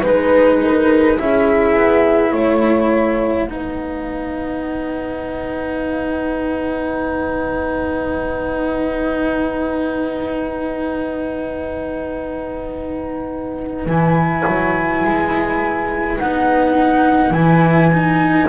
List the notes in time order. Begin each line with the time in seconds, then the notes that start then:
0.00 G#3 D#4 B4
0.06 B4
0.62 A#4
1.18 C#4 E4 G#4 E5
1.76 B3
2.32 A3 C#5 F#5
3.48 B3 D#4 B4
13.86 E3 E4 G#5
14.47 F#3
15.04 G#3
16.19 B3 D#4 F#5
17.31 E3 E4 G#5
17.94 D#4